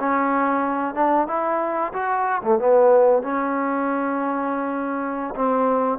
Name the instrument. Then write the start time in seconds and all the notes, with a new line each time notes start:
trombone
0.00 C#4
0.95 D4
1.27 E4
1.93 F#4
2.43 A3
2.59 B3
3.23 C#4
5.36 C4